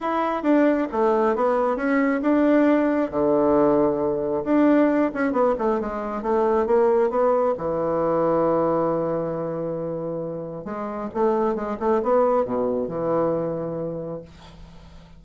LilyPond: \new Staff \with { instrumentName = "bassoon" } { \time 4/4 \tempo 4 = 135 e'4 d'4 a4 b4 | cis'4 d'2 d4~ | d2 d'4. cis'8 | b8 a8 gis4 a4 ais4 |
b4 e2.~ | e1 | gis4 a4 gis8 a8 b4 | b,4 e2. | }